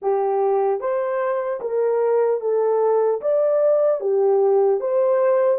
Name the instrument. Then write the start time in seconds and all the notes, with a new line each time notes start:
horn
0.01 G4
0.80 C5
1.60 A#4
2.40 A4
3.21 D5
4.00 G4
4.80 C5